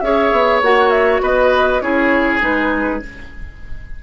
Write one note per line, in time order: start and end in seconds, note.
0.00 0.32 C#4
0.00 0.63 G#4
0.00 1.22 C#5
0.00 0.60 E5
0.32 0.61 B3
0.62 1.21 A#3
0.62 1.82 F#4
0.62 0.90 F#5
0.90 1.20 E5
1.21 1.81 B3
1.21 1.82 B4
1.21 1.80 D#5
1.80 2.41 C#4
1.80 2.40 E4
1.80 3.03 G#4
1.80 2.40 C#5
2.40 3.02 G#3
2.40 3.00 D#4
2.40 3.03 B4